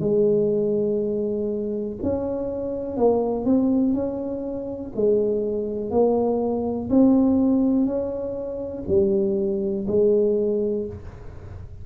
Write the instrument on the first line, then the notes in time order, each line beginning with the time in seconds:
tuba
0.00 G#3
2.03 C#4
2.97 A#3
3.45 C4
3.94 C#4
4.96 G#3
5.91 A#3
6.90 C4
7.86 C#4
8.88 G3
9.88 G#3